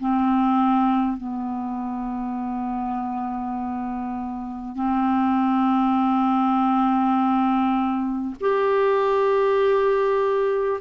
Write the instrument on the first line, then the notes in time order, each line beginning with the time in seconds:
clarinet
0.00 C4
1.17 B3
4.75 C4
8.41 G4